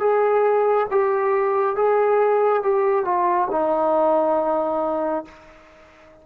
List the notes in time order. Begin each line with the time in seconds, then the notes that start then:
0.00 G#4
0.91 G4
1.76 G#4
2.62 G4
3.05 F4
3.51 D#4